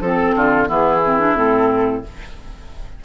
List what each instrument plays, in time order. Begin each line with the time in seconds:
0.00 bassoon F3, clarinet C4, oboe A4, flute A4
0.36 bassoon D3, oboe F4
0.66 bassoon E3, clarinet B3, oboe E4, flute G#4
1.05 clarinet C4
1.20 clarinet D4
1.36 bassoon A2, clarinet C4, flute A4